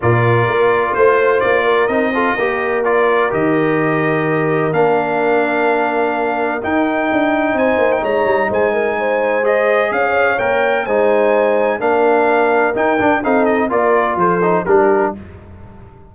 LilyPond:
<<
  \new Staff \with { instrumentName = "trumpet" } { \time 4/4 \tempo 4 = 127 d''2 c''4 d''4 | dis''2 d''4 dis''4~ | dis''2 f''2~ | f''2 g''2 |
gis''8. g''16 ais''4 gis''2 | dis''4 f''4 g''4 gis''4~ | gis''4 f''2 g''4 | f''8 dis''8 d''4 c''4 ais'4 | }
  \new Staff \with { instrumentName = "horn" } { \time 4/4 ais'2 c''4. ais'8~ | ais'8 a'8 ais'2.~ | ais'1~ | ais'1 |
c''4 cis''4 c''8 ais'8 c''4~ | c''4 cis''2 c''4~ | c''4 ais'2. | a'4 ais'4 a'4 g'4 | }
  \new Staff \with { instrumentName = "trombone" } { \time 4/4 f'1 | dis'8 f'8 g'4 f'4 g'4~ | g'2 d'2~ | d'2 dis'2~ |
dis'1 | gis'2 ais'4 dis'4~ | dis'4 d'2 dis'8 d'8 | dis'4 f'4. dis'8 d'4 | }
  \new Staff \with { instrumentName = "tuba" } { \time 4/4 ais,4 ais4 a4 ais4 | c'4 ais2 dis4~ | dis2 ais2~ | ais2 dis'4 d'4 |
c'8 ais8 gis8 g8 gis2~ | gis4 cis'4 ais4 gis4~ | gis4 ais2 dis'8 d'8 | c'4 ais4 f4 g4 | }
>>